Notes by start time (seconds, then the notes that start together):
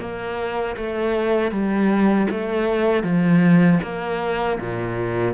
0.00 A#3
0.76 A3
1.51 G3
2.30 A3
3.03 F3
3.83 A#3
4.59 A#2